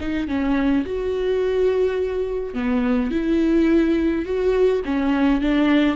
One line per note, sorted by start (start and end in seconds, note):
0.00 0.28 D#4
0.28 0.85 C#4
0.86 2.54 F#4
2.54 3.11 B3
3.11 4.25 E4
4.25 4.82 F#4
4.85 5.41 C#4
5.41 5.96 D4